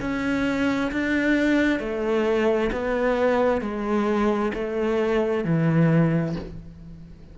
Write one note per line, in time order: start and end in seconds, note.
0.00 0.91 C#4
0.91 1.79 D4
1.79 2.70 A3
2.71 3.61 B3
3.61 4.52 G#3
4.54 5.44 A3
5.44 6.35 E3